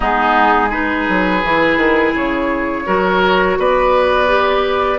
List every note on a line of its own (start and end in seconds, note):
0.00 1.08 G#3
0.00 0.68 B3
0.00 0.69 D#4
0.00 0.71 G#4
0.69 1.43 D#4
0.69 2.83 G#4
0.69 2.14 B4
1.08 1.43 F#3
1.43 1.76 E3
1.43 2.85 E4
1.76 2.12 D#3
2.14 2.85 C#3
2.14 3.59 C#5
2.85 3.57 F#3
2.85 4.27 F#4
2.85 3.57 A#4
3.57 4.99 B3
3.57 4.99 B4
3.57 4.99 D5
4.27 4.98 G4